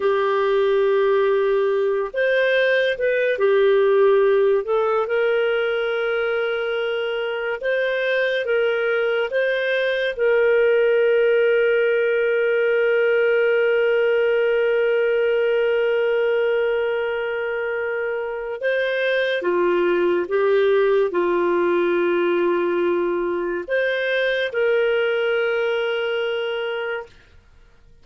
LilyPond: \new Staff \with { instrumentName = "clarinet" } { \time 4/4 \tempo 4 = 71 g'2~ g'8 c''4 b'8 | g'4. a'8 ais'2~ | ais'4 c''4 ais'4 c''4 | ais'1~ |
ais'1~ | ais'2 c''4 f'4 | g'4 f'2. | c''4 ais'2. | }